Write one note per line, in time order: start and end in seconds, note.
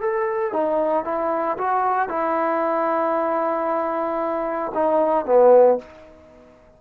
0.00 0.52 A4
0.52 1.04 D#4
1.04 1.57 E4
1.58 2.09 F#4
2.09 4.72 E4
4.74 5.26 D#4
5.26 5.78 B3